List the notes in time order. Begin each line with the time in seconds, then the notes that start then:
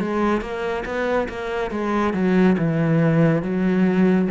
0.00 G#3
0.41 A#3
0.85 B3
1.29 A#3
1.71 G#3
2.14 F#3
2.58 E3
3.42 F#3